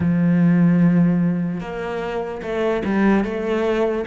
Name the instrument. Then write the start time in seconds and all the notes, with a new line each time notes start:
cello
0.00 F3
1.60 A#3
2.42 A3
2.84 G3
3.24 A3